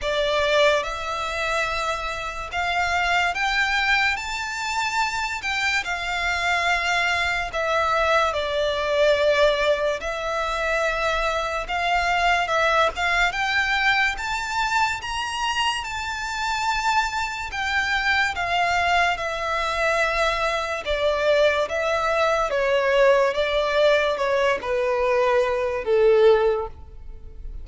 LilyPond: \new Staff \with { instrumentName = "violin" } { \time 4/4 \tempo 4 = 72 d''4 e''2 f''4 | g''4 a''4. g''8 f''4~ | f''4 e''4 d''2 | e''2 f''4 e''8 f''8 |
g''4 a''4 ais''4 a''4~ | a''4 g''4 f''4 e''4~ | e''4 d''4 e''4 cis''4 | d''4 cis''8 b'4. a'4 | }